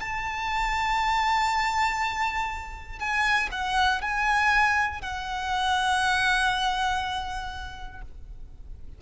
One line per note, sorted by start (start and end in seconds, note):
0.00 2.99 A5
2.99 3.49 G#5
3.51 4.01 F#5
4.02 5.02 G#5
5.02 8.02 F#5